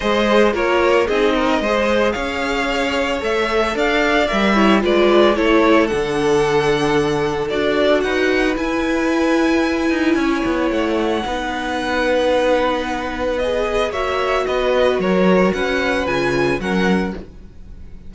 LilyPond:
<<
  \new Staff \with { instrumentName = "violin" } { \time 4/4 \tempo 4 = 112 dis''4 cis''4 dis''2 | f''2 e''4 f''4 | e''4 d''4 cis''4 fis''4~ | fis''2 d''4 fis''4 |
gis''1 | fis''1~ | fis''4 dis''4 e''4 dis''4 | cis''4 fis''4 gis''4 fis''4 | }
  \new Staff \with { instrumentName = "violin" } { \time 4/4 c''4 ais'4 gis'8 ais'8 c''4 | cis''2. d''4~ | d''8 cis''8 b'4 a'2~ | a'2. b'4~ |
b'2. cis''4~ | cis''4 b'2.~ | b'2 cis''4 b'4 | ais'4 b'2 ais'4 | }
  \new Staff \with { instrumentName = "viola" } { \time 4/4 gis'4 f'4 dis'4 gis'4~ | gis'2 a'2 | ais'8 e'8 f'4 e'4 d'4~ | d'2 fis'2 |
e'1~ | e'4 dis'2.~ | dis'4 gis'4 fis'2~ | fis'2 f'4 cis'4 | }
  \new Staff \with { instrumentName = "cello" } { \time 4/4 gis4 ais4 c'4 gis4 | cis'2 a4 d'4 | g4 gis4 a4 d4~ | d2 d'4 dis'4 |
e'2~ e'8 dis'8 cis'8 b8 | a4 b2.~ | b2 ais4 b4 | fis4 cis'4 cis4 fis4 | }
>>